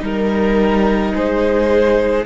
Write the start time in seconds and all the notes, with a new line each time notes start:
0.00 G3 D#4 A#4
1.15 G#3 G#4 C5